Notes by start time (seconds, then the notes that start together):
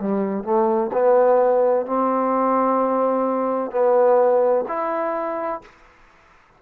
0.00 G3
0.44 A3
0.93 B3
1.87 C4
3.72 B3
4.68 E4